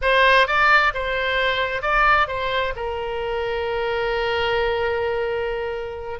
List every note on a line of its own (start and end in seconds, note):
0.01 0.47 C5
0.47 0.93 D5
0.93 1.82 C5
1.82 2.27 D5
2.27 2.73 C5
2.76 6.19 A#4